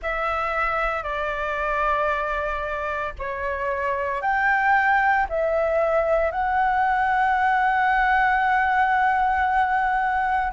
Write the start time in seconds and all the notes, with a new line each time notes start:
0.02 E5
1.02 D5
3.19 C#5
4.21 G5
5.29 E5
6.31 F#5